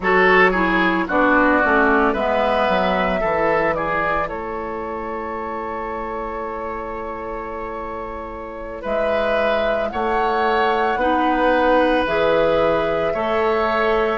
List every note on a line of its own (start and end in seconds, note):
0.00 1.07 F#3
0.00 0.54 F#4
0.00 0.51 A4
0.00 1.08 C#5
0.51 1.07 E4
0.51 1.04 G#4
1.07 1.63 B3
1.07 1.62 D4
1.07 2.12 F#4
1.07 2.14 D5
1.62 2.14 A3
1.62 2.16 C#4
2.12 2.67 G#3
2.12 3.22 B3
2.12 3.20 B4
2.12 3.74 E5
2.69 3.22 F#3
3.20 4.29 E3
3.20 10.98 E4
3.20 3.73 A4
3.74 4.28 G#4
3.74 4.27 D5
4.28 8.84 A3
4.28 8.81 A4
4.28 8.83 C#5
8.81 9.92 G#3
8.81 9.88 B4
8.81 9.89 E5
9.89 10.96 A3
9.89 10.99 C#5
9.89 12.03 F#5
10.96 12.03 B3
10.96 12.06 D#4
10.96 13.13 B4
12.06 13.13 E3
12.06 13.14 G#4
12.06 14.17 E5
13.13 14.17 A3
13.13 14.17 A4
13.13 14.17 C#5